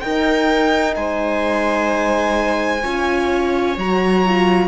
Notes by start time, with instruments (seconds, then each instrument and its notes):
0.00 horn D#4, cello D#4, viola A#4, violin G5
0.95 cello G#3, viola C5, violin G#5
2.82 cello C#4, horn F4, viola C#5
3.77 cello F#3, horn F#4, violin A#5
4.25 horn F4